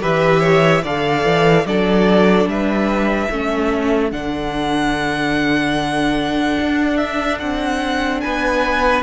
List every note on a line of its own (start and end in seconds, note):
0.00 0.84 E3
0.00 0.82 G4
0.00 0.40 B4
0.00 0.85 E5
0.40 0.81 C#5
0.83 1.24 D3
0.83 1.67 A4
0.83 1.65 D5
0.83 1.66 F5
1.24 1.65 E3
1.66 2.46 F#3
1.66 3.31 D4
1.66 2.50 A4
1.66 2.48 D5
2.46 3.28 G3
2.46 3.30 B4
2.46 4.11 E5
3.30 4.12 A3
3.30 4.12 C#4
3.30 8.23 A4
4.11 6.58 D3
4.11 9.03 D4
4.11 6.97 F#5
6.60 7.41 D4
6.97 7.38 E5
7.39 8.24 C4
7.39 8.21 F#5
8.21 9.03 B3
8.21 9.03 B4
8.21 9.03 G#5